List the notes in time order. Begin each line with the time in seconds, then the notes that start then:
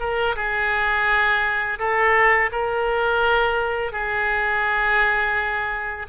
0.00 A#4
0.36 G#4
1.79 A4
2.52 A#4
3.92 G#4